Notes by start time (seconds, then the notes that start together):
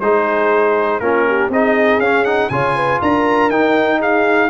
0.00 G#3 D#4 G#4 C5
1.00 A#3 C#4 F4 A#4
1.27 G4
1.49 C4 D#4 G#4 D#5
1.99 C#4 F5
2.24 D#4 F#5
2.49 C#3 F4 C#5 G#5
2.76 B4
3.01 D4 A#4 A#5
3.50 D#4 G5
3.99 G#4 F5